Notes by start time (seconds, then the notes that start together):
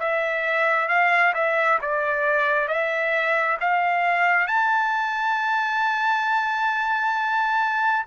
0.00 E5
0.89 F5
1.35 E5
1.82 D5
2.68 E5
3.61 F5
4.48 A5